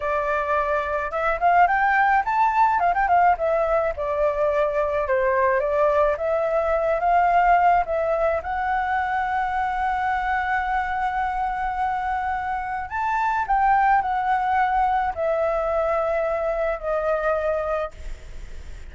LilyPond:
\new Staff \with { instrumentName = "flute" } { \time 4/4 \tempo 4 = 107 d''2 e''8 f''8 g''4 | a''4 f''16 g''16 f''8 e''4 d''4~ | d''4 c''4 d''4 e''4~ | e''8 f''4. e''4 fis''4~ |
fis''1~ | fis''2. a''4 | g''4 fis''2 e''4~ | e''2 dis''2 | }